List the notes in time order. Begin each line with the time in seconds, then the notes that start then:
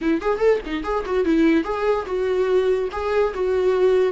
0.01 E4
0.21 G#4
0.38 A4
0.65 D#4
0.83 G#4
1.05 F#4
1.24 E4
1.64 G#4
2.06 F#4
2.92 G#4
3.34 F#4